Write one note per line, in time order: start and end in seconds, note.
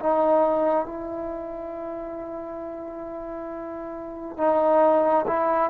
0.00 0.86 D#4
0.86 4.38 E4
4.38 5.26 D#4
5.28 5.71 E4